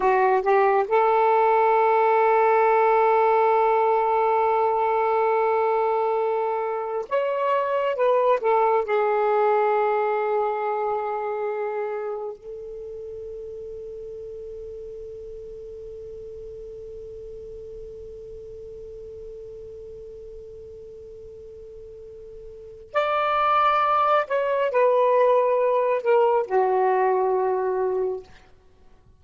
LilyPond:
\new Staff \with { instrumentName = "saxophone" } { \time 4/4 \tempo 4 = 68 fis'8 g'8 a'2.~ | a'1 | cis''4 b'8 a'8 gis'2~ | gis'2 a'2~ |
a'1~ | a'1~ | a'2 d''4. cis''8 | b'4. ais'8 fis'2 | }